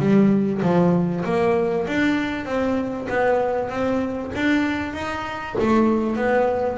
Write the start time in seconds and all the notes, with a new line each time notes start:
0.00 G3
0.63 F3
1.25 A#3
1.88 D4
2.46 C4
3.10 B3
3.70 C4
4.36 D4
4.94 D#4
5.60 A3
6.17 B3